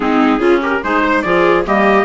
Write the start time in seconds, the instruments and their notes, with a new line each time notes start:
0.00 bassoon G#3, clarinet C4, viola D#4, trumpet G#4
0.38 bassoon C#3, clarinet C#4, viola F4
0.61 viola G4, trumpet A#4
0.83 bassoon G#3, clarinet D#4, viola G#4, trumpet C5
1.03 viola C5
1.22 bassoon F3, clarinet F4, viola G#4, trumpet D5
1.65 bassoon G3, clarinet A#3, viola G4, trumpet D#5